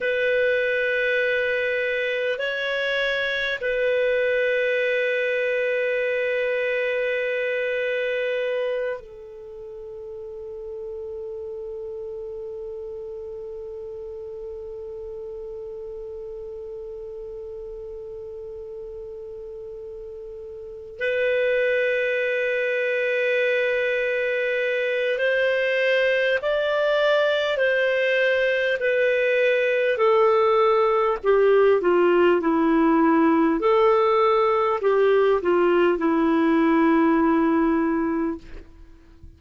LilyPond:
\new Staff \with { instrumentName = "clarinet" } { \time 4/4 \tempo 4 = 50 b'2 cis''4 b'4~ | b'2.~ b'8 a'8~ | a'1~ | a'1~ |
a'4. b'2~ b'8~ | b'4 c''4 d''4 c''4 | b'4 a'4 g'8 f'8 e'4 | a'4 g'8 f'8 e'2 | }